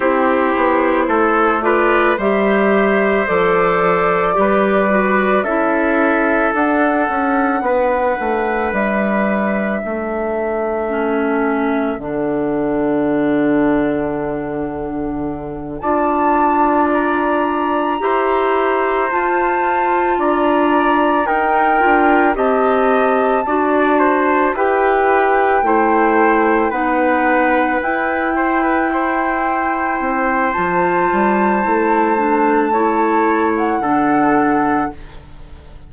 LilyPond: <<
  \new Staff \with { instrumentName = "flute" } { \time 4/4 \tempo 4 = 55 c''4. d''8 e''4 d''4~ | d''4 e''4 fis''2 | e''2. fis''4~ | fis''2~ fis''8 a''4 ais''8~ |
ais''4. a''4 ais''4 g''8~ | g''8 a''2 g''4.~ | g''8 fis''4 g''2~ g''8 | a''2~ a''8. fis''4~ fis''16 | }
  \new Staff \with { instrumentName = "trumpet" } { \time 4/4 g'4 a'8 b'8 c''2 | b'4 a'2 b'4~ | b'4 a'2.~ | a'2~ a'8 d''4.~ |
d''8 c''2 d''4 ais'8~ | ais'8 dis''4 d''8 c''8 b'4 c''8~ | c''8 b'4. c''16 b'16 c''4.~ | c''2 cis''4 a'4 | }
  \new Staff \with { instrumentName = "clarinet" } { \time 4/4 e'4. f'8 g'4 a'4 | g'8 fis'8 e'4 d'2~ | d'2 cis'4 d'4~ | d'2~ d'8 f'4.~ |
f'8 g'4 f'2 dis'8 | f'8 g'4 fis'4 g'4 e'8~ | e'8 dis'4 e'2~ e'8 | f'4 e'8 d'8 e'4 d'4 | }
  \new Staff \with { instrumentName = "bassoon" } { \time 4/4 c'8 b8 a4 g4 f4 | g4 cis'4 d'8 cis'8 b8 a8 | g4 a2 d4~ | d2~ d8 d'4.~ |
d'8 e'4 f'4 d'4 dis'8 | d'8 c'4 d'4 e'4 a8~ | a8 b4 e'2 c'8 | f8 g8 a2 d4 | }
>>